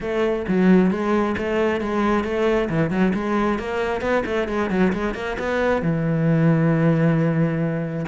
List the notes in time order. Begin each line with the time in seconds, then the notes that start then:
0.00 A3
0.48 F#3
0.91 G#3
1.37 A3
1.80 G#3
2.24 A3
2.69 E3
2.90 F#3
3.13 G#3
3.58 A#3
4.01 B3
4.25 A3
4.48 G#3
4.70 F#3
4.93 G#3
5.14 A#3
5.39 B3
5.81 E3